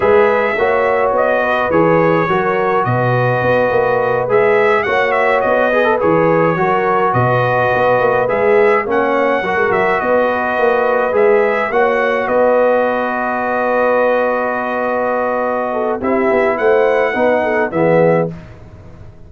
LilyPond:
<<
  \new Staff \with { instrumentName = "trumpet" } { \time 4/4 \tempo 4 = 105 e''2 dis''4 cis''4~ | cis''4 dis''2~ dis''8 e''8~ | e''8 fis''8 e''8 dis''4 cis''4.~ | cis''8 dis''2 e''4 fis''8~ |
fis''4 e''8 dis''2 e''8~ | e''8 fis''4 dis''2~ dis''8~ | dis''1 | e''4 fis''2 e''4 | }
  \new Staff \with { instrumentName = "horn" } { \time 4/4 b'4 cis''4. b'4. | ais'4 b'2.~ | b'8 cis''4. b'4. ais'8~ | ais'8 b'2. cis''8~ |
cis''8 ais'4 b'2~ b'8~ | b'8 cis''4 b'2~ b'8~ | b'2.~ b'8 a'8 | g'4 c''4 b'8 a'8 gis'4 | }
  \new Staff \with { instrumentName = "trombone" } { \time 4/4 gis'4 fis'2 gis'4 | fis'2.~ fis'8 gis'8~ | gis'8 fis'4. gis'16 a'16 gis'4 fis'8~ | fis'2~ fis'8 gis'4 cis'8~ |
cis'8 fis'2. gis'8~ | gis'8 fis'2.~ fis'8~ | fis'1 | e'2 dis'4 b4 | }
  \new Staff \with { instrumentName = "tuba" } { \time 4/4 gis4 ais4 b4 e4 | fis4 b,4 b8 ais4 gis8~ | gis8 ais4 b4 e4 fis8~ | fis8 b,4 b8 ais8 gis4 ais8~ |
ais8 fis16 gis16 fis8 b4 ais4 gis8~ | gis8 ais4 b2~ b8~ | b1 | c'8 b8 a4 b4 e4 | }
>>